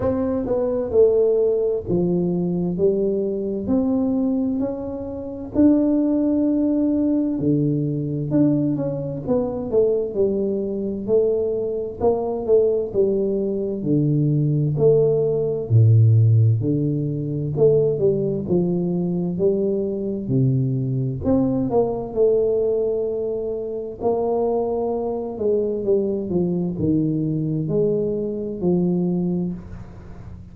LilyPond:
\new Staff \with { instrumentName = "tuba" } { \time 4/4 \tempo 4 = 65 c'8 b8 a4 f4 g4 | c'4 cis'4 d'2 | d4 d'8 cis'8 b8 a8 g4 | a4 ais8 a8 g4 d4 |
a4 a,4 d4 a8 g8 | f4 g4 c4 c'8 ais8 | a2 ais4. gis8 | g8 f8 dis4 gis4 f4 | }